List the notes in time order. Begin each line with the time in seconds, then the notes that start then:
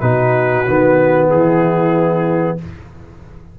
0.00 B2 D#4 F#4 B4
0.67 D#3 B3
1.30 E3 E4 G#4